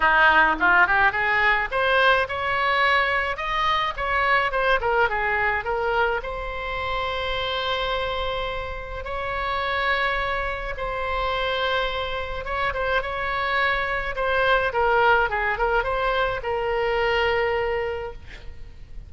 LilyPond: \new Staff \with { instrumentName = "oboe" } { \time 4/4 \tempo 4 = 106 dis'4 f'8 g'8 gis'4 c''4 | cis''2 dis''4 cis''4 | c''8 ais'8 gis'4 ais'4 c''4~ | c''1 |
cis''2. c''4~ | c''2 cis''8 c''8 cis''4~ | cis''4 c''4 ais'4 gis'8 ais'8 | c''4 ais'2. | }